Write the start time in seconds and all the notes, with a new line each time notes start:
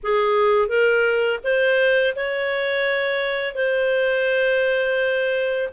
0.03 G#4
0.68 A#4
1.43 C5
2.15 C#5
3.55 C5